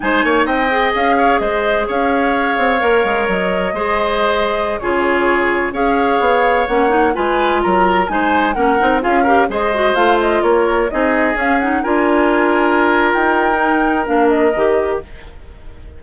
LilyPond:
<<
  \new Staff \with { instrumentName = "flute" } { \time 4/4 \tempo 4 = 128 gis''4 g''4 f''4 dis''4 | f''2. dis''4~ | dis''2~ dis''16 cis''4.~ cis''16~ | cis''16 f''2 fis''4 gis''8.~ |
gis''16 ais''4 gis''4 fis''4 f''8.~ | f''16 dis''4 f''8 dis''8 cis''4 dis''8.~ | dis''16 f''8 fis''8 gis''2~ gis''8. | g''2 f''8 dis''4. | }
  \new Staff \with { instrumentName = "oboe" } { \time 4/4 c''8 cis''8 dis''4. cis''8 c''4 | cis''1 | c''2~ c''16 gis'4.~ gis'16~ | gis'16 cis''2. b'8.~ |
b'16 ais'4 c''4 ais'4 gis'8 ais'16~ | ais'16 c''2 ais'4 gis'8.~ | gis'4~ gis'16 ais'2~ ais'8.~ | ais'1 | }
  \new Staff \with { instrumentName = "clarinet" } { \time 4/4 dis'4. gis'2~ gis'8~ | gis'2 ais'2 | gis'2~ gis'16 f'4.~ f'16~ | f'16 gis'2 cis'8 dis'8 f'8.~ |
f'4~ f'16 dis'4 cis'8 dis'8 f'8 g'16~ | g'16 gis'8 fis'8 f'2 dis'8.~ | dis'16 cis'8 dis'8 f'2~ f'8.~ | f'4 dis'4 d'4 g'4 | }
  \new Staff \with { instrumentName = "bassoon" } { \time 4/4 gis8 ais8 c'4 cis'4 gis4 | cis'4. c'8 ais8 gis8 fis4 | gis2~ gis16 cis4.~ cis16~ | cis16 cis'4 b4 ais4 gis8.~ |
gis16 fis4 gis4 ais8 c'8 cis'8.~ | cis'16 gis4 a4 ais4 c'8.~ | c'16 cis'4 d'2~ d'8. | dis'2 ais4 dis4 | }
>>